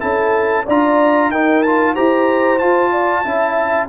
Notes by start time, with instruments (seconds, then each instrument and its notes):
0.00 tuba C#4, trombone E4, horn A4, trumpet A5
0.65 tuba D4, trombone F4, horn D5, trumpet A#5
1.30 tuba D#4, trombone D#4, horn A#4, trumpet G5
1.63 trombone F4, trumpet A5
1.94 tuba E4, trombone G4, horn C5, trumpet A#5
2.59 trombone F4, tuba F4, trumpet A5
2.92 horn D5
3.25 tuba C#4, trombone E4, horn E5